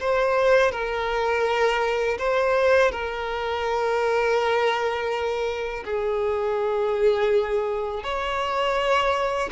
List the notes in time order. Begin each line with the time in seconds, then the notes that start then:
0.00 C5
0.72 A#4
2.18 C5
2.91 A#4
5.84 G#4
8.03 C#5